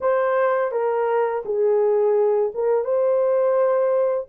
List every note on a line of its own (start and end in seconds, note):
0.00 0.71 C5
0.71 1.43 A#4
1.45 2.52 G#4
2.54 2.84 A#4
2.84 4.27 C5